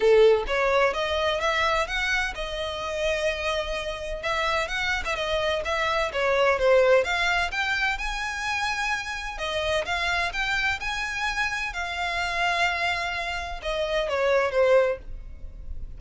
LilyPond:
\new Staff \with { instrumentName = "violin" } { \time 4/4 \tempo 4 = 128 a'4 cis''4 dis''4 e''4 | fis''4 dis''2.~ | dis''4 e''4 fis''8. e''16 dis''4 | e''4 cis''4 c''4 f''4 |
g''4 gis''2. | dis''4 f''4 g''4 gis''4~ | gis''4 f''2.~ | f''4 dis''4 cis''4 c''4 | }